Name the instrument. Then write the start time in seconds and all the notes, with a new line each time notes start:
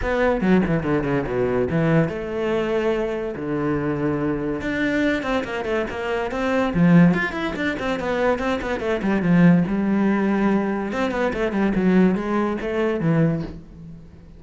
cello
0.02 B3
0.41 F#3
0.66 E3
0.83 D3
1.03 C#3
1.26 B2
1.70 E3
2.08 A3
3.35 D3
4.61 D4
5.22 C4
5.44 A#3
5.64 A3
5.90 A#3
6.31 C4
6.73 F3
7.14 F4
7.32 E4
7.56 D4
7.79 C4
7.99 B3
8.38 C4
8.61 B3
8.80 A3
9.02 G3
9.21 F3
9.67 G3
10.92 C4
11.11 B3
11.33 A3
11.52 G3
11.75 F#3
12.15 G#3
12.61 A3
13.00 E3